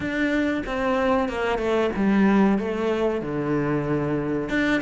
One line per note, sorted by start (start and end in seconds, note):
0.00 0.63 D4
0.66 1.29 C4
1.29 1.58 A#3
1.58 1.90 A3
1.96 2.58 G3
2.58 3.21 A3
3.21 4.49 D3
4.49 4.81 D4